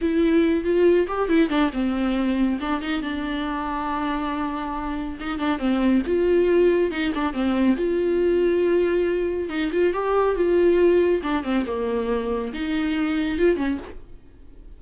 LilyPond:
\new Staff \with { instrumentName = "viola" } { \time 4/4 \tempo 4 = 139 e'4. f'4 g'8 e'8 d'8 | c'2 d'8 dis'8 d'4~ | d'1 | dis'8 d'8 c'4 f'2 |
dis'8 d'8 c'4 f'2~ | f'2 dis'8 f'8 g'4 | f'2 d'8 c'8 ais4~ | ais4 dis'2 f'8 cis'8 | }